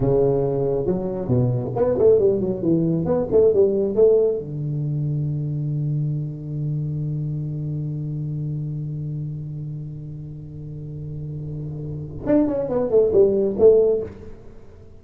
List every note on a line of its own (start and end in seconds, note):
0.00 0.85 C#3
0.85 1.28 F#3
1.28 1.72 B2
1.75 1.97 B3
1.98 2.18 A3
2.18 2.40 G3
2.40 2.62 F#3
2.62 3.05 E3
3.05 3.27 B3
3.31 3.53 A3
3.53 3.95 G3
3.95 4.38 A3
4.38 12.26 D3
12.26 12.47 D4
12.47 12.68 C#4
12.68 12.90 B3
12.90 13.11 A3
13.12 13.56 G3
13.58 14.02 A3